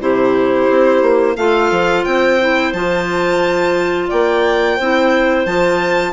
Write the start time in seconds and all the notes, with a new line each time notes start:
0.00 C3 E4 G4 C5
0.70 C4
1.02 A#3
1.36 A3 F4 A4 F5
1.71 F3
2.05 C4 C5 G5
2.40 E4
2.73 F3 F4 A5
4.09 A#3 D5 G5
4.77 C4 E4 C5
5.46 F3 F4 A5